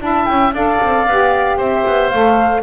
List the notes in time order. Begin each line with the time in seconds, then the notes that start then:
0.00 D4 E4 E5 A5
0.25 C#4 G5
0.53 D4 A4 D5 F5
0.81 C4
1.06 B3 G4
1.57 C4 C5 E5
1.86 B3
2.09 A3 A4 F5